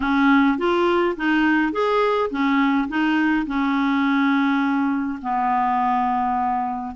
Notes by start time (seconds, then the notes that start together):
0.00 C#4
0.58 F4
1.16 D#4
1.72 G#4
2.30 C#4
2.88 D#4
3.46 C#4
5.22 B3